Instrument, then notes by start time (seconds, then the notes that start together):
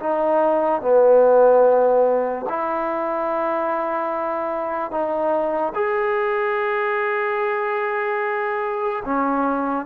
trombone
0.00 D#4
0.82 B3
2.49 E4
4.91 D#4
5.75 G#4
9.05 C#4